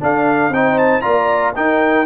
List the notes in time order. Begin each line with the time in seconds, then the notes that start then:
0.00 D4 A4 F5
0.49 C4 D#4 C5 G5
0.78 A5
1.01 A#3 F4 D5 A#5
1.55 D#4 A#4 G5